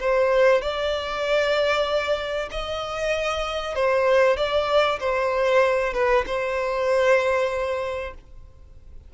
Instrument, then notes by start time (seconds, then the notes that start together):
violin
0.00 C5
0.62 D5
2.51 D#5
3.75 C5
4.37 D5
5.00 C5
5.93 B4
6.26 C5